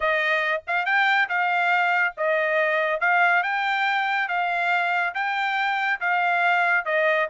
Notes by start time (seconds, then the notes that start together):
0.00 D#5
0.67 F5
0.85 G5
1.28 F5
2.17 D#5
3.00 F5
3.43 G5
4.28 F5
5.14 G5
6.00 F5
6.85 D#5